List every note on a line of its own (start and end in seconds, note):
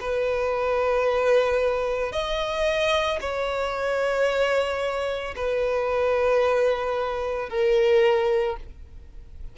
0.00 2.12 B4
2.12 3.19 D#5
3.20 5.34 C#5
5.35 7.49 B4
7.49 8.56 A#4